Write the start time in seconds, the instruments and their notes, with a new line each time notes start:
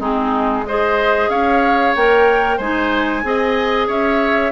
0.00 bassoon G#3, clarinet C4, oboe D#4, flute G#4
0.67 clarinet G#4, oboe C5, flute D#5
1.30 bassoon C#4, oboe C#5, flute F5
1.96 bassoon A#3, clarinet A#4, flute G5
2.58 bassoon G#3, clarinet D#4, oboe C5, flute G#5
3.24 bassoon C4, clarinet G#4, oboe D#5
3.88 bassoon C#4, oboe C#5, flute E5